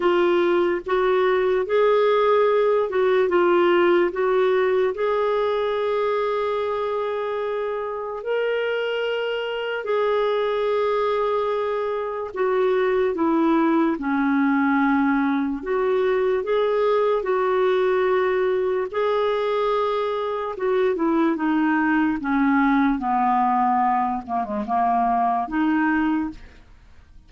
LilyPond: \new Staff \with { instrumentName = "clarinet" } { \time 4/4 \tempo 4 = 73 f'4 fis'4 gis'4. fis'8 | f'4 fis'4 gis'2~ | gis'2 ais'2 | gis'2. fis'4 |
e'4 cis'2 fis'4 | gis'4 fis'2 gis'4~ | gis'4 fis'8 e'8 dis'4 cis'4 | b4. ais16 gis16 ais4 dis'4 | }